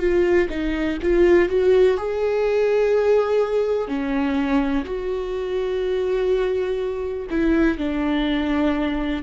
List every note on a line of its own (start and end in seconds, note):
0.00 0.48 F4
0.50 0.99 D#4
1.02 1.50 F4
1.50 1.98 F#4
1.98 3.88 G#4
3.88 4.85 C#4
4.85 7.27 F#4
7.31 7.78 E4
7.78 9.23 D4